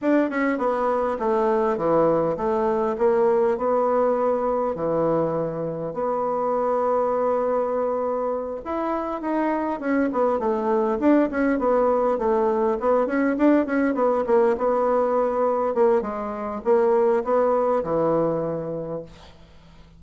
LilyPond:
\new Staff \with { instrumentName = "bassoon" } { \time 4/4 \tempo 4 = 101 d'8 cis'8 b4 a4 e4 | a4 ais4 b2 | e2 b2~ | b2~ b8 e'4 dis'8~ |
dis'8 cis'8 b8 a4 d'8 cis'8 b8~ | b8 a4 b8 cis'8 d'8 cis'8 b8 | ais8 b2 ais8 gis4 | ais4 b4 e2 | }